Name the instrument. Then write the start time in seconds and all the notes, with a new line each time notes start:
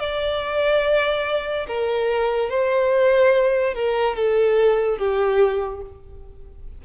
violin
0.00 D5
1.68 A#4
2.50 C5
3.75 A#4
4.16 A4
4.98 G4